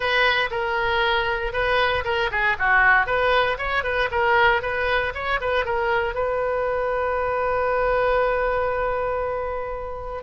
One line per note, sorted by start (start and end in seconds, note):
0.00 0.50 B4
0.51 1.52 A#4
1.52 2.04 B4
2.04 2.30 A#4
2.31 2.56 G#4
2.58 3.06 F#4
3.06 3.57 B4
3.58 3.83 C#5
3.83 4.09 B4
4.11 4.62 A#4
4.62 5.13 B4
5.14 5.40 C#5
5.41 5.65 B4
5.65 6.14 A#4
6.14 10.23 B4